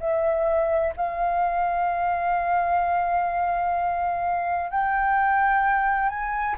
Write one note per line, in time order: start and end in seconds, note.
0.00 0.94 E5
0.97 4.71 F5
4.71 6.09 G5
6.09 6.56 G#5